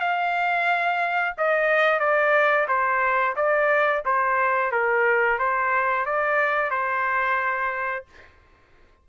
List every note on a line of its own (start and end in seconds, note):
0.00 1.35 F5
1.37 1.99 D#5
1.99 2.67 D5
2.68 3.35 C5
3.36 4.03 D5
4.05 4.71 C5
4.71 5.39 A#4
5.39 6.05 C5
6.05 6.70 D5
6.70 8.05 C5